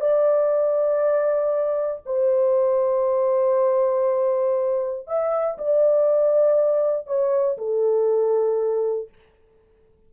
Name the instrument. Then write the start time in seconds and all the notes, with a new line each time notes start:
horn
0.00 D5
2.05 C5
5.07 E5
5.58 D5
7.07 C#5
7.57 A4